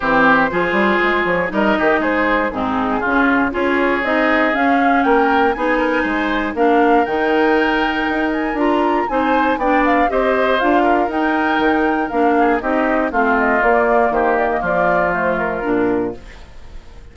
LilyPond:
<<
  \new Staff \with { instrumentName = "flute" } { \time 4/4 \tempo 4 = 119 c''2~ c''8 cis''8 dis''4 | c''4 gis'2 cis''4 | dis''4 f''4 g''4 gis''4~ | gis''4 f''4 g''2~ |
g''8 gis''8 ais''4 gis''4 g''8 f''8 | dis''4 f''4 g''2 | f''4 dis''4 f''8 dis''8 d''4 | c''8 d''16 dis''16 d''4 c''8 ais'4. | }
  \new Staff \with { instrumentName = "oboe" } { \time 4/4 g'4 gis'2 ais'8 g'8 | gis'4 dis'4 f'4 gis'4~ | gis'2 ais'4 gis'8 ais'8 | c''4 ais'2.~ |
ais'2 c''4 d''4 | c''4. ais'2~ ais'8~ | ais'8 gis'8 g'4 f'2 | g'4 f'2. | }
  \new Staff \with { instrumentName = "clarinet" } { \time 4/4 c'4 f'2 dis'4~ | dis'4 c'4 cis'4 f'4 | dis'4 cis'2 dis'4~ | dis'4 d'4 dis'2~ |
dis'4 f'4 dis'4 d'4 | g'4 f'4 dis'2 | d'4 dis'4 c'4 ais4~ | ais2 a4 d'4 | }
  \new Staff \with { instrumentName = "bassoon" } { \time 4/4 e4 f8 g8 gis8 f8 g8 dis8 | gis4 gis,4 cis4 cis'4 | c'4 cis'4 ais4 b4 | gis4 ais4 dis2 |
dis'4 d'4 c'4 b4 | c'4 d'4 dis'4 dis4 | ais4 c'4 a4 ais4 | dis4 f2 ais,4 | }
>>